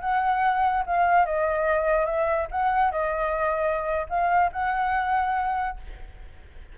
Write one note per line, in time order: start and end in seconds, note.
0.00 0.84 F#5
0.86 1.25 F5
1.25 2.05 D#5
2.05 2.47 E5
2.51 2.91 F#5
2.91 4.07 D#5
4.09 4.51 F5
4.52 5.78 F#5